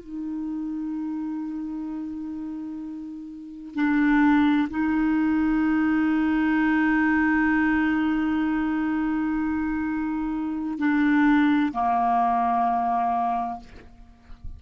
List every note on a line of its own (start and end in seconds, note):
0.00 3.75 D#4
3.75 4.68 D4
4.70 10.79 D#4
10.79 11.72 D4
11.72 13.60 A#3